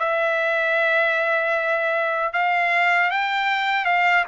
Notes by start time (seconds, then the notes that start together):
0.00 E5
2.33 F5
3.11 G5
3.85 F5